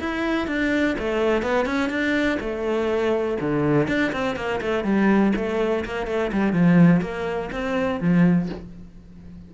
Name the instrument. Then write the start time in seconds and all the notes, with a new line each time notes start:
cello
0.00 E4
0.48 D4
0.99 A3
1.43 B3
1.66 C#4
1.90 D4
2.41 A3
3.41 D3
3.88 D4
4.13 C4
4.36 A#3
4.62 A3
4.85 G3
5.37 A3
5.86 A#3
6.07 A3
6.33 G3
6.53 F3
7.02 A#3
7.52 C4
8.01 F3